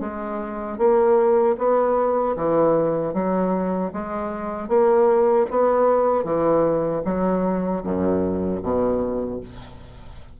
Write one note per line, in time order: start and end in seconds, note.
0.00 0.78 G#3
0.78 1.56 A#3
1.58 2.36 B3
2.36 3.14 E3
3.14 3.92 F#3
3.93 4.68 G#3
4.68 5.46 A#3
5.50 6.24 B3
6.24 7.02 E3
7.04 7.82 F#3
7.84 8.62 F#2
8.62 9.40 B2